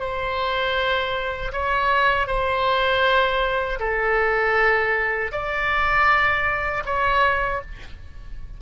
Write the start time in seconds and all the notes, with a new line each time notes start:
0.00 C5
1.52 C#5
2.27 C5
3.80 A4
5.32 D5
6.86 C#5